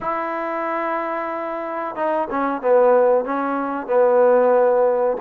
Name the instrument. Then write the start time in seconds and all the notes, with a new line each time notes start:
trombone
0.00 E4
1.95 D#4
2.30 C#4
2.61 B3
3.24 C#4
3.87 B3